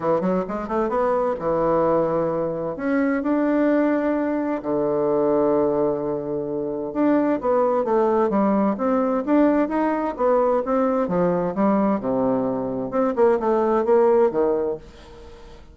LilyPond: \new Staff \with { instrumentName = "bassoon" } { \time 4/4 \tempo 4 = 130 e8 fis8 gis8 a8 b4 e4~ | e2 cis'4 d'4~ | d'2 d2~ | d2. d'4 |
b4 a4 g4 c'4 | d'4 dis'4 b4 c'4 | f4 g4 c2 | c'8 ais8 a4 ais4 dis4 | }